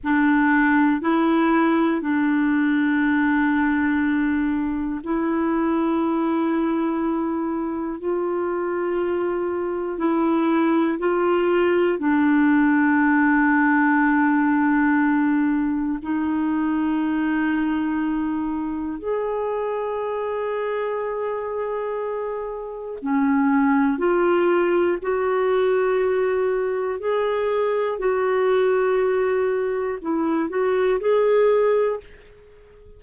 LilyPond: \new Staff \with { instrumentName = "clarinet" } { \time 4/4 \tempo 4 = 60 d'4 e'4 d'2~ | d'4 e'2. | f'2 e'4 f'4 | d'1 |
dis'2. gis'4~ | gis'2. cis'4 | f'4 fis'2 gis'4 | fis'2 e'8 fis'8 gis'4 | }